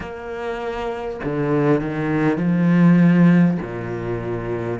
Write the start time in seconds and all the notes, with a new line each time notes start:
0.00 A#3
1.24 D3
1.81 D#3
2.37 F3
3.62 A#2